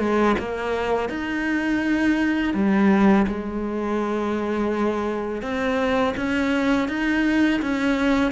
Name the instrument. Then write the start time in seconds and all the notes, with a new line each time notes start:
cello
0.00 G#3
0.39 A#3
1.10 D#4
2.54 G3
3.28 G#3
5.42 C4
6.17 C#4
6.89 D#4
7.62 C#4